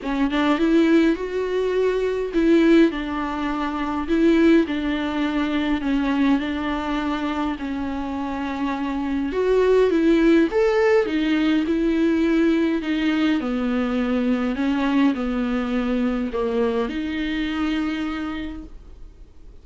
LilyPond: \new Staff \with { instrumentName = "viola" } { \time 4/4 \tempo 4 = 103 cis'8 d'8 e'4 fis'2 | e'4 d'2 e'4 | d'2 cis'4 d'4~ | d'4 cis'2. |
fis'4 e'4 a'4 dis'4 | e'2 dis'4 b4~ | b4 cis'4 b2 | ais4 dis'2. | }